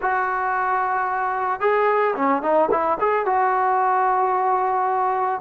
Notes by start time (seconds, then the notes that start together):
0.01 F#4
1.60 G#4
2.15 C#4
2.42 D#4
2.71 E4
3.00 G#4
3.25 F#4